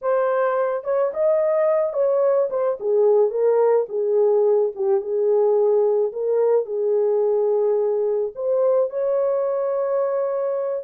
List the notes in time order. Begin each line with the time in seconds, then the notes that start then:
0.02 C5
0.83 C#5
1.13 D#5
1.93 C#5
2.50 C5
2.80 G#4
3.30 A#4
3.88 G#4
4.75 G4
5.00 G#4
6.12 A#4
6.65 G#4
8.35 C5
8.90 C#5